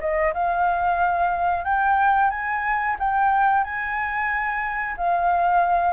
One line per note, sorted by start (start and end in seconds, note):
0.00 0.33 D#5
0.33 1.64 F5
1.64 2.30 G5
2.30 2.96 G#5
2.99 3.64 G5
3.64 4.95 G#5
4.97 5.93 F5